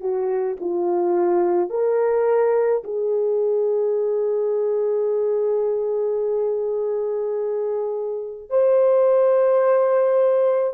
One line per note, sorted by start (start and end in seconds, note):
0.00 0.57 F#4
0.60 1.69 F4
1.69 2.83 A#4
2.84 8.50 G#4
8.50 10.73 C5